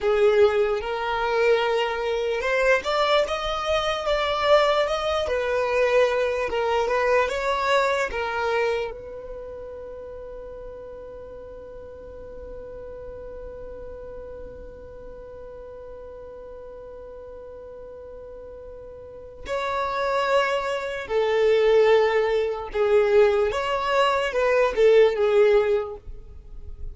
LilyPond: \new Staff \with { instrumentName = "violin" } { \time 4/4 \tempo 4 = 74 gis'4 ais'2 c''8 d''8 | dis''4 d''4 dis''8 b'4. | ais'8 b'8 cis''4 ais'4 b'4~ | b'1~ |
b'1~ | b'1 | cis''2 a'2 | gis'4 cis''4 b'8 a'8 gis'4 | }